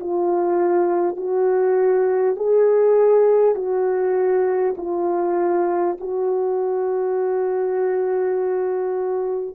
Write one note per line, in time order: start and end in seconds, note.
0.00 1.17 F4
1.17 2.36 F#4
2.36 3.55 G#4
3.55 4.75 F#4
4.77 5.97 F4
6.00 9.55 F#4